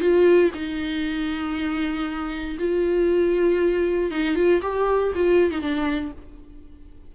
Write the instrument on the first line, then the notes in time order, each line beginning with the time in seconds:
viola
0.00 F4
0.54 D#4
2.59 F4
4.11 D#4
4.35 F4
4.62 G4
5.15 F4
5.51 D#4
5.61 D4